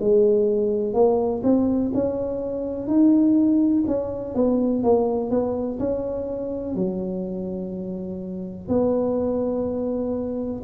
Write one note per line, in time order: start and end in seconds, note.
0.00 0.93 G#3
0.93 1.42 A#3
1.43 1.91 C4
1.94 2.87 C#4
2.87 3.84 D#4
3.87 4.35 C#4
4.35 4.83 B3
4.83 5.30 A#3
5.30 5.79 B3
5.79 6.75 C#4
6.75 8.68 F#3
8.68 10.62 B3